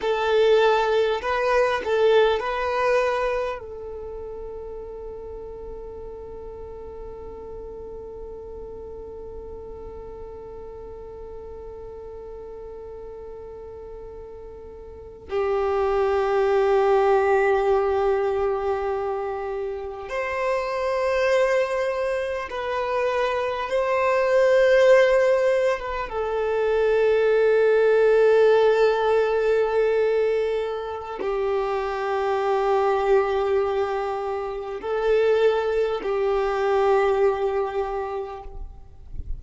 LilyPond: \new Staff \with { instrumentName = "violin" } { \time 4/4 \tempo 4 = 50 a'4 b'8 a'8 b'4 a'4~ | a'1~ | a'1~ | a'8. g'2.~ g'16~ |
g'8. c''2 b'4 c''16~ | c''4. b'16 a'2~ a'16~ | a'2 g'2~ | g'4 a'4 g'2 | }